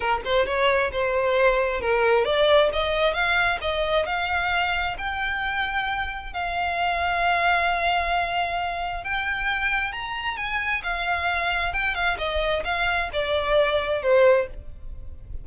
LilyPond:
\new Staff \with { instrumentName = "violin" } { \time 4/4 \tempo 4 = 133 ais'8 c''8 cis''4 c''2 | ais'4 d''4 dis''4 f''4 | dis''4 f''2 g''4~ | g''2 f''2~ |
f''1 | g''2 ais''4 gis''4 | f''2 g''8 f''8 dis''4 | f''4 d''2 c''4 | }